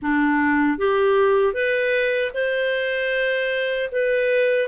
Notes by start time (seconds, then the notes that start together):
0.02 D4
0.78 G4
1.53 B4
2.34 C5
3.91 B4